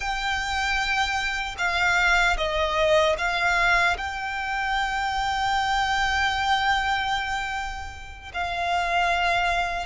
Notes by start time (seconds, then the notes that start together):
0.00 G5
1.58 F5
2.37 D#5
3.18 F5
3.97 G5
8.33 F5